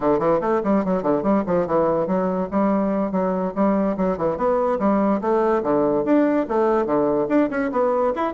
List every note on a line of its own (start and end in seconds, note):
0.00 0.19 D3
0.19 0.40 E3
0.41 0.61 A3
0.63 0.84 G3
0.84 1.02 F#3
1.02 1.22 D3
1.22 1.43 G3
1.46 1.66 F3
1.66 2.07 E3
2.07 2.48 F#3
2.50 3.11 G3
3.11 3.53 F#3
3.55 3.96 G3
3.97 4.17 F#3
4.17 4.37 E3
4.37 4.79 B3
4.79 5.20 G3
5.21 5.62 A3
5.63 6.04 D3
6.04 6.46 D4
6.48 6.86 A3
6.86 7.27 D3
7.28 7.49 D4
7.50 7.71 C#4
7.71 8.13 B3
8.15 8.33 E4